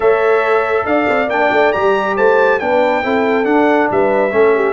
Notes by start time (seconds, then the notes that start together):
0.00 A3 A4 C#5 E5
0.85 D4 D5 F5
1.08 C4
1.28 A#3 D4 G5
1.51 A3
1.72 G3 G4 A#5
2.16 A3 C5 A5
2.59 B3 D4 B4 G5
3.03 C4 E4 A4
3.44 D4 F#5
3.91 G3 B4 E5
4.31 A3 C#4 A4
4.54 G4